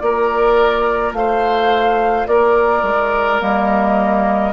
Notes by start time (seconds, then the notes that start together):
0.00 A#3 F4 A#4 D5
1.13 A3 C5 F5
2.27 A#3 A#4 D5
2.83 G#3
3.40 G3 A#3 D#5